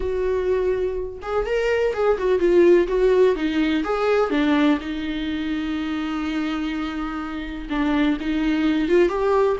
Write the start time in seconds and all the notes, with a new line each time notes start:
0.00 F#4
1.22 G#4
1.46 A#4
1.93 G#4
2.17 F#4
2.39 F4
2.87 F#4
3.35 D#4
3.84 G#4
4.30 D4
4.80 D#4
7.69 D4
8.20 D#4
8.88 F4
9.08 G4